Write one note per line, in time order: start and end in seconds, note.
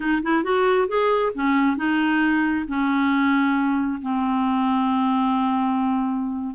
0.00 0.21 D#4
0.22 0.43 E4
0.43 0.87 F#4
0.88 1.32 G#4
1.34 1.76 C#4
1.76 2.65 D#4
2.68 4.01 C#4
4.01 6.55 C4